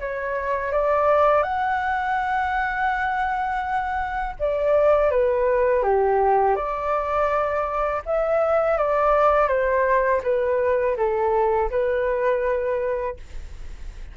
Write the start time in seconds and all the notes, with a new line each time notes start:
0.00 C#5
0.72 D5
1.43 F#5
4.39 D5
5.11 B4
5.83 G4
6.56 D5
8.06 E5
8.78 D5
9.48 C5
10.23 B4
10.97 A4
11.70 B4